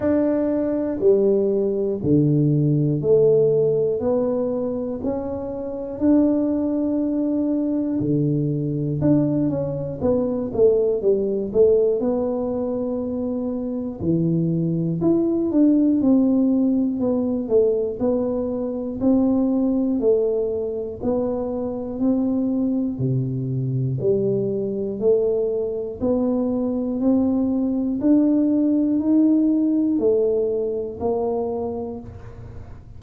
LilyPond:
\new Staff \with { instrumentName = "tuba" } { \time 4/4 \tempo 4 = 60 d'4 g4 d4 a4 | b4 cis'4 d'2 | d4 d'8 cis'8 b8 a8 g8 a8 | b2 e4 e'8 d'8 |
c'4 b8 a8 b4 c'4 | a4 b4 c'4 c4 | g4 a4 b4 c'4 | d'4 dis'4 a4 ais4 | }